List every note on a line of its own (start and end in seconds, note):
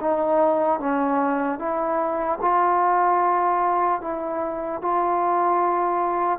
0.00 0.79 D#4
0.79 1.59 C#4
1.59 2.39 E4
2.41 4.01 F4
4.01 4.81 E4
4.81 6.39 F4